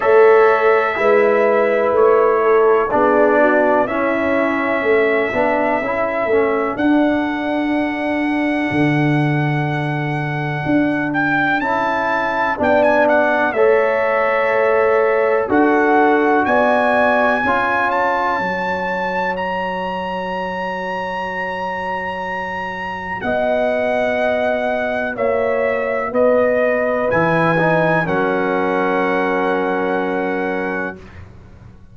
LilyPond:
<<
  \new Staff \with { instrumentName = "trumpet" } { \time 4/4 \tempo 4 = 62 e''2 cis''4 d''4 | e''2. fis''4~ | fis''2.~ fis''8 g''8 | a''4 g''16 gis''16 fis''8 e''2 |
fis''4 gis''4. a''4. | ais''1 | fis''2 e''4 dis''4 | gis''4 fis''2. | }
  \new Staff \with { instrumentName = "horn" } { \time 4/4 cis''4 b'4. a'8 gis'8 fis'8 | e'4 a'2.~ | a'1~ | a'4 d''4 cis''2 |
a'4 d''4 cis''2~ | cis''1 | dis''2 cis''4 b'4~ | b'4 ais'2. | }
  \new Staff \with { instrumentName = "trombone" } { \time 4/4 a'4 e'2 d'4 | cis'4. d'8 e'8 cis'8 d'4~ | d'1 | e'4 d'4 a'2 |
fis'2 f'4 fis'4~ | fis'1~ | fis'1 | e'8 dis'8 cis'2. | }
  \new Staff \with { instrumentName = "tuba" } { \time 4/4 a4 gis4 a4 b4 | cis'4 a8 b8 cis'8 a8 d'4~ | d'4 d2 d'4 | cis'4 b4 a2 |
d'4 b4 cis'4 fis4~ | fis1 | b2 ais4 b4 | e4 fis2. | }
>>